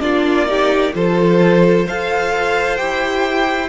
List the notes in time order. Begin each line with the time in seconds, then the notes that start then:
0.00 A#3 D4 F4 D5
0.46 D#4 G4
0.93 F3 F4 A4 C5
1.85 F4 A4 C5 F5
2.77 E4 G4 G5